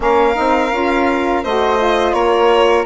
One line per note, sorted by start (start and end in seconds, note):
0.00 0.35 A#3
0.00 0.33 C#4
0.00 1.43 A#4
0.00 1.44 F5
0.33 0.72 C4
0.33 0.69 D#4
0.71 1.43 C#4
0.71 1.43 F4
1.43 2.13 A3
1.43 1.77 F#4
1.43 2.14 C5
1.43 2.13 D#5
1.77 2.84 F4
2.13 2.84 A#3
2.13 2.85 A#4
2.13 2.84 C#5